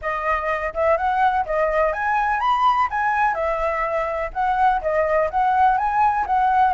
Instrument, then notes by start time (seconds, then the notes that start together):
flute
0.01 D#5
0.74 E5
0.97 F#5
1.45 D#5
1.92 G#5
2.40 B5
2.90 G#5
3.34 E5
4.33 F#5
4.81 D#5
5.30 F#5
5.77 G#5
6.26 F#5